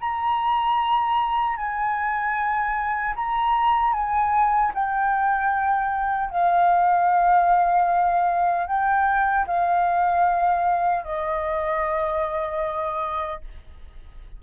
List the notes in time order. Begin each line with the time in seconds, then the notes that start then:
0.00 A#5
1.56 G#5
3.15 A#5
3.93 G#5
4.74 G5
6.30 F5
8.67 G5
9.47 F5
11.04 D#5